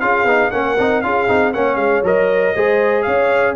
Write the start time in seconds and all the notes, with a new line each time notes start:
0.00 C#4 F4 G#4 F5
0.24 B3 D#4
0.51 A#3 C#4 A#4 F#5
0.78 C4 D#4
1.01 C#4 F4 G#4 F5
1.28 C4 D#4
1.53 A#3 C#4 C#5 F#5
1.76 G#3 F5
2.03 F#3 A#4 D#5
2.55 G#3 G#4 C5
3.02 C#4 C#5 F5